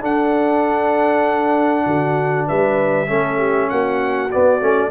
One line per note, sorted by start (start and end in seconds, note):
0.00 3.06 D4
0.00 1.84 D4
0.00 1.85 A4
0.00 2.48 F#5
1.85 2.47 D3
1.85 2.46 F#4
2.46 3.10 G3
2.46 3.08 B4
2.46 3.69 E5
3.06 3.71 A3
3.06 4.29 C#4
3.06 3.38 A4
3.38 3.68 G4
3.69 4.32 A#3
3.69 4.90 F#4
3.69 4.30 F#5
4.31 4.60 B3
4.31 4.61 B3
4.31 4.90 D5
4.60 4.90 A3
4.60 4.90 C#4